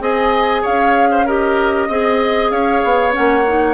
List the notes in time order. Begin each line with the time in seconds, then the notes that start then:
0.00 C4 G#4 D#5 G#5
0.62 C#4 C#5 F5
1.11 C5
1.25 G4 A#4 D#5
1.88 C4 G#4 D#5
2.50 C#4 C#5 F5
2.84 B3
3.11 C#4 F#5
3.18 A#3
3.47 D#4